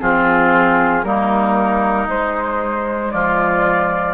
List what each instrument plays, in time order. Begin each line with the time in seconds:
0.00 bassoon F3, clarinet C4, oboe F4, flute G#4
1.04 bassoon G3, clarinet A#3, oboe D#4, flute A#4
2.08 bassoon G#3, clarinet G#3, flute C5
3.12 bassoon F3, oboe F4, flute D5